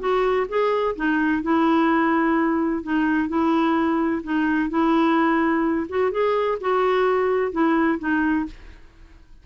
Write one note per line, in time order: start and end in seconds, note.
0.00 0.47 F#4
0.49 0.96 G#4
0.96 1.43 D#4
1.43 2.83 E4
2.83 3.29 D#4
3.29 4.23 E4
4.24 4.70 D#4
4.70 5.87 E4
5.89 6.12 F#4
6.12 6.59 G#4
6.61 7.52 F#4
7.52 7.99 E4
7.99 8.46 D#4